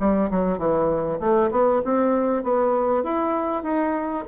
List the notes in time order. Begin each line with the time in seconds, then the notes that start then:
0.00 G3
0.31 F#3
0.59 E3
1.20 A3
1.51 B3
1.85 C4
2.44 B3
3.04 E4
3.63 D#4